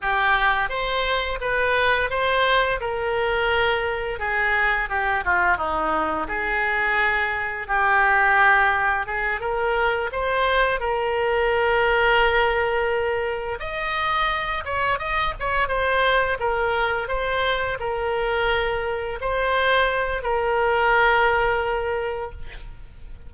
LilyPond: \new Staff \with { instrumentName = "oboe" } { \time 4/4 \tempo 4 = 86 g'4 c''4 b'4 c''4 | ais'2 gis'4 g'8 f'8 | dis'4 gis'2 g'4~ | g'4 gis'8 ais'4 c''4 ais'8~ |
ais'2.~ ais'8 dis''8~ | dis''4 cis''8 dis''8 cis''8 c''4 ais'8~ | ais'8 c''4 ais'2 c''8~ | c''4 ais'2. | }